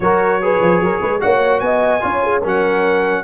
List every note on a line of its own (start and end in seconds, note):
0.00 0.60 F#3
0.00 0.41 F#4
0.00 0.42 A#4
0.00 1.21 C#5
0.41 1.20 G#4
0.41 0.82 B4
0.61 0.80 F3
0.80 1.01 F#3
0.80 1.01 A#4
1.01 1.22 G#3
1.01 1.21 B4
1.20 1.61 A#3
1.20 2.00 F#4
1.20 1.63 C#5
1.20 1.60 F#5
1.60 2.01 B3
1.60 2.03 D#5
1.60 2.41 G#5
2.00 2.44 C#4
2.00 2.41 F4
2.00 2.23 C#5
2.23 2.42 G#4
2.42 3.23 F#3
2.42 3.23 C#4
2.42 3.23 A#4
2.42 3.23 F#5